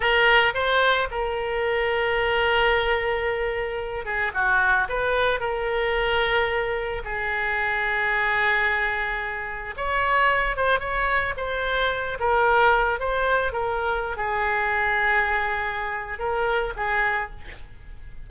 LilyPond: \new Staff \with { instrumentName = "oboe" } { \time 4/4 \tempo 4 = 111 ais'4 c''4 ais'2~ | ais'2.~ ais'8 gis'8 | fis'4 b'4 ais'2~ | ais'4 gis'2.~ |
gis'2 cis''4. c''8 | cis''4 c''4. ais'4. | c''4 ais'4~ ais'16 gis'4.~ gis'16~ | gis'2 ais'4 gis'4 | }